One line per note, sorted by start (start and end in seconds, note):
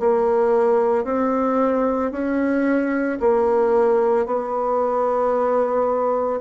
0.00 1.05 A#3
1.05 2.12 C4
2.12 3.19 C#4
3.20 4.27 A#3
4.27 6.41 B3